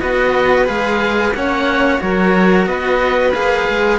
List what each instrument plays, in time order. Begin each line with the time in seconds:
0.00 cello B3 F#4, violin B4, oboe D#5
0.66 cello G#3 G#4, oboe F5
1.32 cello A#3 C#4, violin C#5, oboe F#5
1.99 cello F#3 F#4, violin A#4, oboe C#5
2.66 cello B3, violin B4, oboe D#5
3.34 cello A#3 G#4, oboe F5
3.69 cello G#3